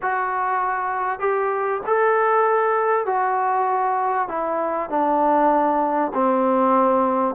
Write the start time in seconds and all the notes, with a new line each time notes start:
0.01 F#4
1.19 G4
1.86 A4
3.06 F#4
4.28 E4
4.89 D4
6.14 C4